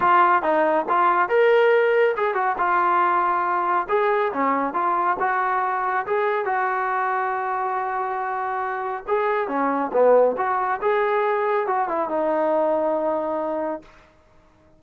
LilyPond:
\new Staff \with { instrumentName = "trombone" } { \time 4/4 \tempo 4 = 139 f'4 dis'4 f'4 ais'4~ | ais'4 gis'8 fis'8 f'2~ | f'4 gis'4 cis'4 f'4 | fis'2 gis'4 fis'4~ |
fis'1~ | fis'4 gis'4 cis'4 b4 | fis'4 gis'2 fis'8 e'8 | dis'1 | }